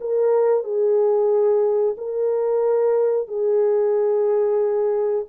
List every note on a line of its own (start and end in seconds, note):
0.00 0.63 A#4
0.63 1.95 G#4
1.97 3.27 A#4
3.27 5.25 G#4